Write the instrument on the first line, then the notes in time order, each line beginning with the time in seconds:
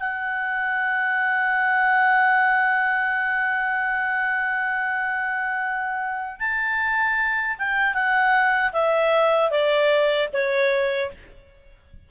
clarinet
0.00 F#5
6.40 A5
7.59 G5
7.94 F#5
8.73 E5
9.51 D5
10.34 C#5